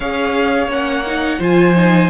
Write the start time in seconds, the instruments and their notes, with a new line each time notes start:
0.00 cello C#4, viola G#4, violin C#5 F5
0.67 cello A#3, viola C#4, violin F#5
1.05 viola D#4
1.39 cello F3, viola F4, violin C5 G#5
1.75 viola D#4